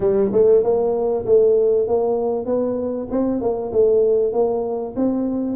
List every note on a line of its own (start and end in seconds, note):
0.00 0.31 G3
0.32 0.63 A3
0.63 1.25 A#3
1.25 1.87 A3
1.87 2.45 A#3
2.45 3.07 B3
3.11 3.41 C4
3.41 3.72 A#3
3.72 4.32 A3
4.32 4.94 A#3
4.96 5.56 C4